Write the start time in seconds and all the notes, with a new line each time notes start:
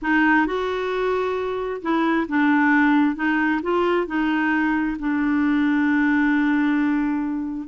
0.01 D#4
0.46 F#4
1.81 E4
2.28 D4
3.15 D#4
3.62 F4
4.07 D#4
4.99 D4